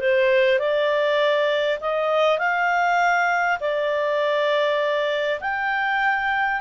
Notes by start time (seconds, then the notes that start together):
0.00 C5
0.59 D5
1.81 D#5
2.39 F5
3.61 D5
5.41 G5